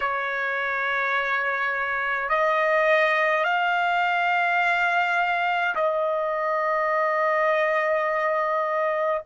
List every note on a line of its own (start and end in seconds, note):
0.00 2.29 C#5
2.29 3.44 D#5
3.44 5.74 F5
5.75 9.21 D#5